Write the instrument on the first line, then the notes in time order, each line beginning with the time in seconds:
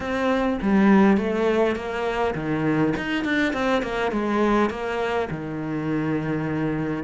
cello
0.00 C4
0.61 G3
1.17 A3
1.75 A#3
2.34 D#3
2.96 D#4
3.24 D4
3.53 C4
3.82 A#3
4.11 G#3
4.70 A#3
5.30 D#3